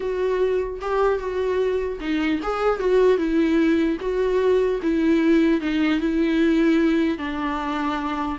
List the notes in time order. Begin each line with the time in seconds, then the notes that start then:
0.00 F#4
0.81 G4
1.18 F#4
2.00 D#4
2.43 G#4
2.79 F#4
3.17 E4
4.00 F#4
4.82 E4
5.61 D#4
6.00 E4
7.18 D4